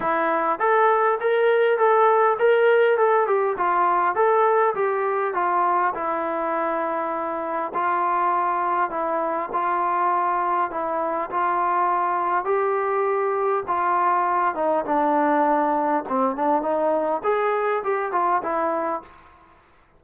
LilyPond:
\new Staff \with { instrumentName = "trombone" } { \time 4/4 \tempo 4 = 101 e'4 a'4 ais'4 a'4 | ais'4 a'8 g'8 f'4 a'4 | g'4 f'4 e'2~ | e'4 f'2 e'4 |
f'2 e'4 f'4~ | f'4 g'2 f'4~ | f'8 dis'8 d'2 c'8 d'8 | dis'4 gis'4 g'8 f'8 e'4 | }